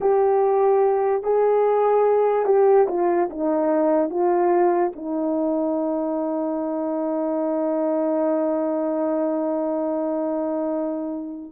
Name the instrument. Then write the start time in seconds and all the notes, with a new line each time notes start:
horn
0.00 G4
1.23 G#4
2.45 G4
2.88 F4
3.30 D#4
4.09 F4
4.95 D#4